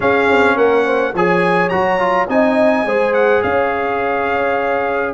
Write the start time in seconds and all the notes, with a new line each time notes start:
0.00 C#4 G#4 F5
0.30 C4
0.55 A#3 A#4 F#5
0.85 C5
1.13 F3 G#4 C#5 G#5
1.69 F#3 F#4 A#5
1.98 F4
2.28 C4 D#4 D#5 G#5
2.85 G#3 G#4 C5
3.13 F#5
3.42 C#4 C#5 F5